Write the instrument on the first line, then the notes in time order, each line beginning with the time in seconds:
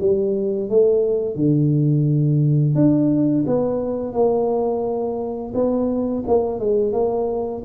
tuba
0.00 G3
0.69 A3
1.35 D3
2.75 D4
3.47 B3
4.13 A#3
5.54 B3
6.27 A#3
6.59 G#3
6.93 A#3